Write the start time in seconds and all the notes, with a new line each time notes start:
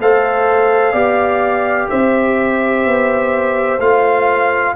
0.00 A3 A4 C5 F5
0.92 B3 G4 D5
1.90 C4 C5 E5
2.86 B3
3.79 A3 F4 F5